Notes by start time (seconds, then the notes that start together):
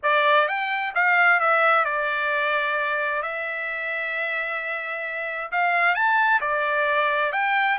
0.02 D5
0.47 G5
0.95 F5
1.39 E5
1.84 D5
3.22 E5
5.51 F5
5.94 A5
6.40 D5
7.32 G5